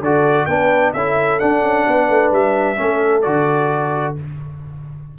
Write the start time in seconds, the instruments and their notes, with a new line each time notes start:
0.00 tuba D3, trombone F#4, horn A4, trumpet D5
0.46 tuba B3, trombone D4, horn B4, trumpet G5
0.93 tuba C#4, trombone E4, horn A4, trumpet E5
1.39 trombone D4, tuba D4, trumpet F#5
1.63 tuba C#4
1.87 tuba B3, horn B4
2.09 tuba A3
2.32 tuba G3, trumpet E5
2.76 tuba A3, trombone C#4, horn A4
3.22 tuba D3, trombone F#4, trumpet D5